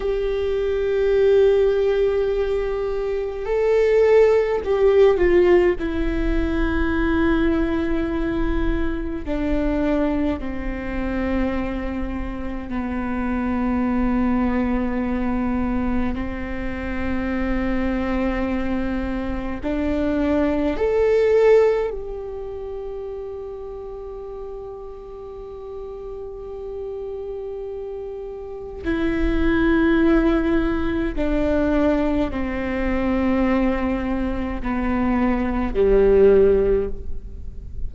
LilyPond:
\new Staff \with { instrumentName = "viola" } { \time 4/4 \tempo 4 = 52 g'2. a'4 | g'8 f'8 e'2. | d'4 c'2 b4~ | b2 c'2~ |
c'4 d'4 a'4 g'4~ | g'1~ | g'4 e'2 d'4 | c'2 b4 g4 | }